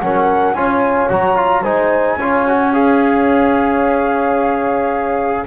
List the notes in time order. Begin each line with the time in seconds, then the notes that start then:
0.00 F#3 C#4 A#4 F#5
0.54 C#4 F4 C#5 G#5
1.09 F#3 F#4 A#5
1.36 F4
1.62 G#3 D#4 C5 G#5
2.17 C#4 F4 C#5
2.48 F#4
2.73 G#4 F5